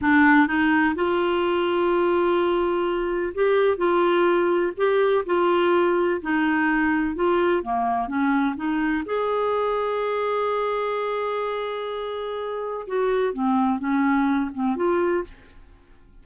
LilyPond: \new Staff \with { instrumentName = "clarinet" } { \time 4/4 \tempo 4 = 126 d'4 dis'4 f'2~ | f'2. g'4 | f'2 g'4 f'4~ | f'4 dis'2 f'4 |
ais4 cis'4 dis'4 gis'4~ | gis'1~ | gis'2. fis'4 | c'4 cis'4. c'8 f'4 | }